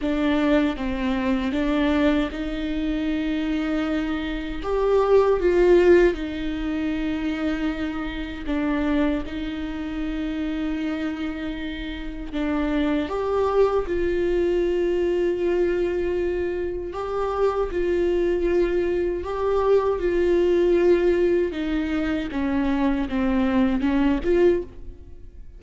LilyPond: \new Staff \with { instrumentName = "viola" } { \time 4/4 \tempo 4 = 78 d'4 c'4 d'4 dis'4~ | dis'2 g'4 f'4 | dis'2. d'4 | dis'1 |
d'4 g'4 f'2~ | f'2 g'4 f'4~ | f'4 g'4 f'2 | dis'4 cis'4 c'4 cis'8 f'8 | }